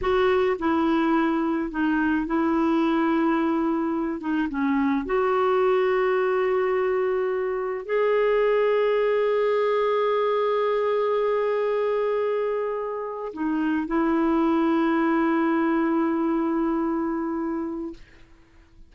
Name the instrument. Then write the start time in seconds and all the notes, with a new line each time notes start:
clarinet
0.01 F#4
0.58 E4
1.70 D#4
2.26 E4
4.20 D#4
4.49 C#4
5.05 F#4
7.85 G#4
13.33 D#4
13.87 E4